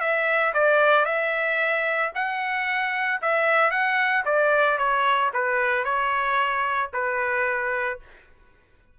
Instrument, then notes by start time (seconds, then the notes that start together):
trumpet
0.00 E5
0.54 D5
1.05 E5
2.15 F#5
3.21 E5
3.71 F#5
4.25 D5
4.78 C#5
5.34 B4
5.84 C#5
6.93 B4